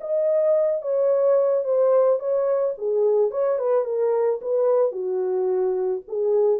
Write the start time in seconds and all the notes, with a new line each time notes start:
0.00 D#5
0.81 C#5
1.64 C5
2.19 C#5
2.77 G#4
3.31 C#5
3.58 B4
3.84 A#4
4.41 B4
4.91 F#4
6.08 G#4